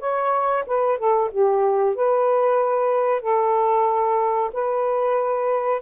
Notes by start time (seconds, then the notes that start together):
0.00 C#5
0.67 B4
0.99 A4
1.31 G4
1.96 B4
3.22 A4
4.53 B4